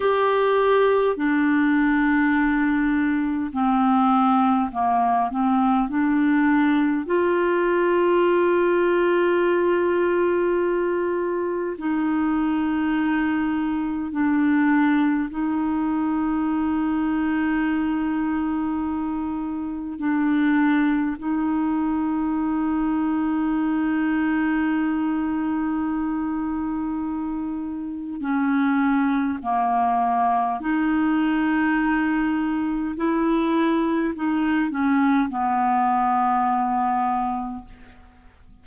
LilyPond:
\new Staff \with { instrumentName = "clarinet" } { \time 4/4 \tempo 4 = 51 g'4 d'2 c'4 | ais8 c'8 d'4 f'2~ | f'2 dis'2 | d'4 dis'2.~ |
dis'4 d'4 dis'2~ | dis'1 | cis'4 ais4 dis'2 | e'4 dis'8 cis'8 b2 | }